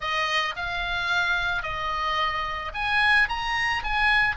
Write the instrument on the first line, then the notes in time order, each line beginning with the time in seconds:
oboe
0.00 D#5
0.56 F5
1.62 D#5
2.73 G#5
3.29 A#5
3.83 G#5